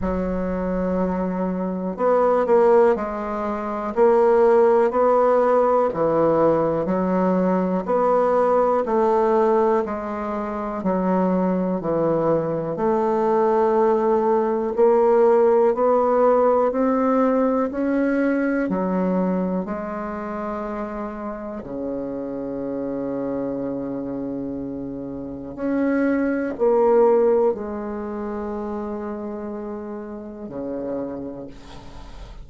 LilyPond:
\new Staff \with { instrumentName = "bassoon" } { \time 4/4 \tempo 4 = 61 fis2 b8 ais8 gis4 | ais4 b4 e4 fis4 | b4 a4 gis4 fis4 | e4 a2 ais4 |
b4 c'4 cis'4 fis4 | gis2 cis2~ | cis2 cis'4 ais4 | gis2. cis4 | }